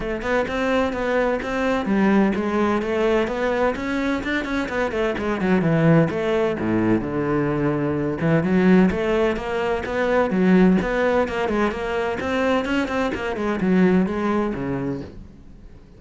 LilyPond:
\new Staff \with { instrumentName = "cello" } { \time 4/4 \tempo 4 = 128 a8 b8 c'4 b4 c'4 | g4 gis4 a4 b4 | cis'4 d'8 cis'8 b8 a8 gis8 fis8 | e4 a4 a,4 d4~ |
d4. e8 fis4 a4 | ais4 b4 fis4 b4 | ais8 gis8 ais4 c'4 cis'8 c'8 | ais8 gis8 fis4 gis4 cis4 | }